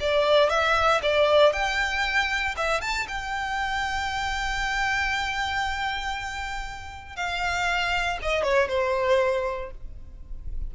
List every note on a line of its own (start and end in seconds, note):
0.00 0.50 D5
0.50 1.01 E5
1.03 1.53 D5
1.53 2.55 G5
2.57 2.81 E5
2.81 3.07 A5
3.08 7.16 G5
7.16 8.19 F5
8.22 8.43 D#5
8.43 8.69 C#5
8.69 9.71 C5